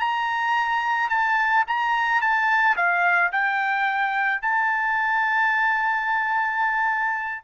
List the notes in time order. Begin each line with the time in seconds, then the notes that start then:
0.00 A#5
1.09 A5
1.67 A#5
2.21 A5
2.76 F5
3.32 G5
4.42 A5